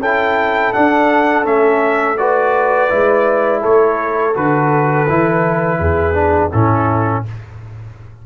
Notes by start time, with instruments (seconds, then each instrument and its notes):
0.00 tuba C#4, trombone E4, horn A4, trumpet G5
0.73 trombone D4, tuba D4, trumpet F#5
1.43 tuba A3, trombone C#4, trumpet E5
2.17 trombone F#4, horn B4, trumpet D5
2.89 tuba G#3, trombone E4
3.62 tuba A3, horn A4, trumpet C#5
4.34 tuba D3, trombone F#4, trumpet B4
5.08 tuba E3, trombone E4
5.79 tuba E2, horn G#4
6.14 trombone D4
6.52 tuba A2, trombone C#4, horn E4, trumpet A4